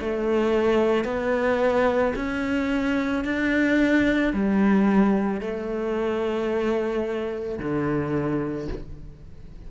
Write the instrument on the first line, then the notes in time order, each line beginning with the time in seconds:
cello
0.00 A3
1.05 B3
2.16 C#4
3.24 D4
4.33 G3
5.41 A3
7.59 D3